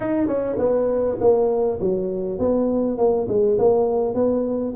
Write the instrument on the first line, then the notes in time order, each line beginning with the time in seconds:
tuba
0.00 D#4
0.27 C#4
0.58 B3
1.20 A#3
1.80 F#3
2.38 B3
2.97 A#3
3.28 G#3
3.58 A#3
4.14 B3